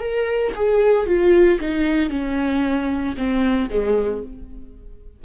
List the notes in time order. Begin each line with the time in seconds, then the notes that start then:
0.00 A#4
0.56 G#4
1.07 F4
1.61 D#4
2.10 C#4
3.17 C4
3.70 G#3